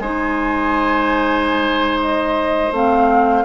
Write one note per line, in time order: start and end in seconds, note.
0.00 2.71 G#3
0.00 2.73 D#4
0.00 3.45 C5
0.00 1.99 G#5
2.01 2.73 D#5
2.72 3.44 A3
2.72 3.45 C4
2.72 3.45 F5